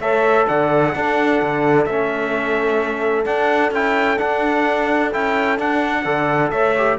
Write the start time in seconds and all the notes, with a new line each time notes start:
0.00 A3 A4 C#5 E5
0.48 D3 D5 F#5
0.95 D4 A4
1.42 D3
1.86 A3 C#4 E5
3.25 D4 F#5
3.71 C#4 E4 G5
4.18 D4 F#5
5.13 C#4 E4 G5
5.58 D4 F#5
6.05 D3 A4 D5
6.51 A3 C#5 E5
6.77 G4